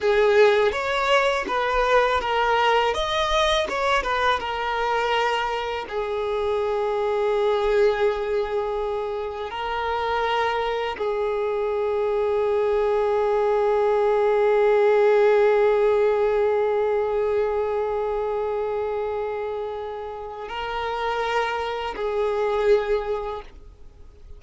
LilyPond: \new Staff \with { instrumentName = "violin" } { \time 4/4 \tempo 4 = 82 gis'4 cis''4 b'4 ais'4 | dis''4 cis''8 b'8 ais'2 | gis'1~ | gis'4 ais'2 gis'4~ |
gis'1~ | gis'1~ | gis'1 | ais'2 gis'2 | }